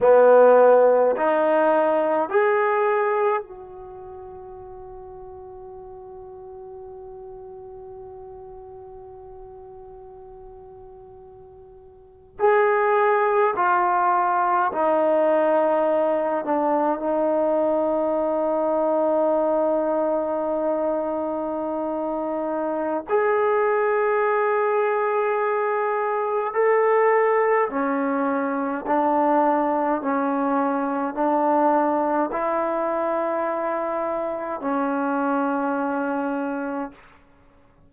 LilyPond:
\new Staff \with { instrumentName = "trombone" } { \time 4/4 \tempo 4 = 52 b4 dis'4 gis'4 fis'4~ | fis'1~ | fis'2~ fis'8. gis'4 f'16~ | f'8. dis'4. d'8 dis'4~ dis'16~ |
dis'1 | gis'2. a'4 | cis'4 d'4 cis'4 d'4 | e'2 cis'2 | }